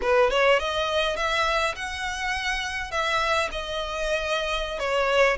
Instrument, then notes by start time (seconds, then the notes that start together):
violin
0.01 B4
0.30 C#5
0.59 D#5
1.16 E5
1.75 F#5
2.91 E5
3.51 D#5
4.79 C#5